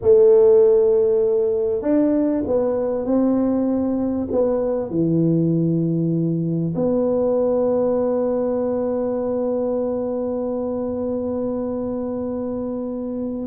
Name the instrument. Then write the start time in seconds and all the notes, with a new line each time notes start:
tuba
0.01 A3
1.81 D4
2.46 B3
3.05 C4
4.31 B3
4.90 E3
6.75 B3